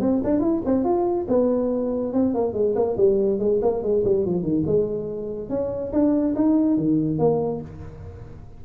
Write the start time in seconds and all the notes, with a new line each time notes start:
0.00 C4
0.24 D4
0.40 E4
0.65 C4
0.84 F4
1.28 B3
2.13 C4
2.34 A#3
2.53 G#3
2.75 A#3
2.97 G3
3.39 G#3
3.62 A#3
3.82 G#3
4.04 G3
4.25 F3
4.42 D#3
4.66 G#3
5.49 C#4
5.92 D4
6.35 D#4
6.77 D#3
7.18 A#3